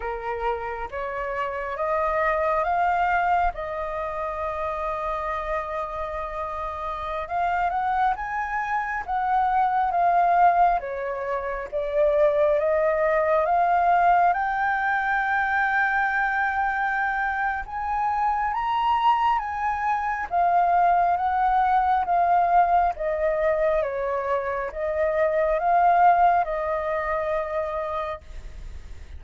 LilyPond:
\new Staff \with { instrumentName = "flute" } { \time 4/4 \tempo 4 = 68 ais'4 cis''4 dis''4 f''4 | dis''1~ | dis''16 f''8 fis''8 gis''4 fis''4 f''8.~ | f''16 cis''4 d''4 dis''4 f''8.~ |
f''16 g''2.~ g''8. | gis''4 ais''4 gis''4 f''4 | fis''4 f''4 dis''4 cis''4 | dis''4 f''4 dis''2 | }